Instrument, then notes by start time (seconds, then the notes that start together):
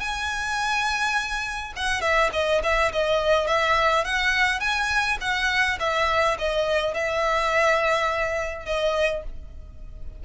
violin
0.00 G#5
1.76 F#5
2.01 E5
2.33 D#5
2.63 E5
2.92 D#5
3.47 E5
4.05 F#5
4.60 G#5
5.21 F#5
5.80 E5
6.39 D#5
6.94 E5
8.65 D#5